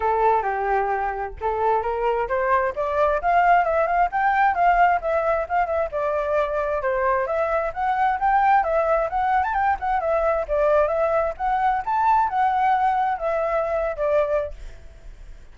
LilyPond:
\new Staff \with { instrumentName = "flute" } { \time 4/4 \tempo 4 = 132 a'4 g'2 a'4 | ais'4 c''4 d''4 f''4 | e''8 f''8 g''4 f''4 e''4 | f''8 e''8 d''2 c''4 |
e''4 fis''4 g''4 e''4 | fis''8. a''16 g''8 fis''8 e''4 d''4 | e''4 fis''4 a''4 fis''4~ | fis''4 e''4.~ e''16 d''4~ d''16 | }